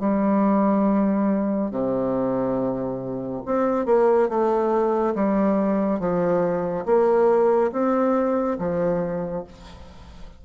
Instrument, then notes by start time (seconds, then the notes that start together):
bassoon
0.00 G3
1.71 C3
3.46 C4
3.86 A#3
4.29 A3
5.15 G3
6.00 F3
6.86 A#3
7.72 C4
8.59 F3